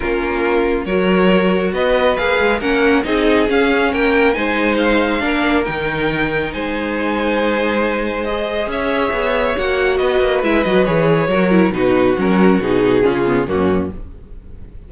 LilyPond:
<<
  \new Staff \with { instrumentName = "violin" } { \time 4/4 \tempo 4 = 138 ais'2 cis''2 | dis''4 f''4 fis''4 dis''4 | f''4 g''4 gis''4 f''4~ | f''4 g''2 gis''4~ |
gis''2. dis''4 | e''2 fis''4 dis''4 | e''8 dis''8 cis''2 b'4 | ais'4 gis'2 fis'4 | }
  \new Staff \with { instrumentName = "violin" } { \time 4/4 f'2 ais'2 | b'2 ais'4 gis'4~ | gis'4 ais'4 c''2 | ais'2. c''4~ |
c''1 | cis''2. b'4~ | b'2 ais'4 fis'4~ | fis'2 f'4 cis'4 | }
  \new Staff \with { instrumentName = "viola" } { \time 4/4 cis'2 fis'2~ | fis'4 gis'4 cis'4 dis'4 | cis'2 dis'2 | d'4 dis'2.~ |
dis'2. gis'4~ | gis'2 fis'2 | e'8 fis'8 gis'4 fis'8 e'8 dis'4 | cis'4 dis'4 cis'8 b8 ais4 | }
  \new Staff \with { instrumentName = "cello" } { \time 4/4 ais2 fis2 | b4 ais8 gis8 ais4 c'4 | cis'4 ais4 gis2 | ais4 dis2 gis4~ |
gis1 | cis'4 b4 ais4 b8 ais8 | gis8 fis8 e4 fis4 b,4 | fis4 b,4 cis4 fis,4 | }
>>